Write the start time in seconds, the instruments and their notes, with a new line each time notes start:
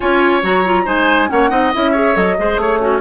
0.00 bassoon C#4, clarinet F4, oboe C#5, flute G#5
0.42 bassoon F#3, clarinet F#4, flute A#5
0.65 clarinet F4
0.85 bassoon G#3, clarinet D#4, oboe C5, flute G#5
1.28 bassoon A#3, clarinet C#4, oboe C#5, flute F#5
1.49 bassoon C4, clarinet D#4, oboe D#5
1.73 bassoon C#4, clarinet E4, flute E5
1.91 clarinet G#4, oboe C#5
2.14 bassoon F#3, clarinet A4, flute D#5
2.37 bassoon G#3, clarinet G#4, oboe C5
2.56 bassoon A3, flute C#5, oboe C#5
2.79 oboe C#4, clarinet F#4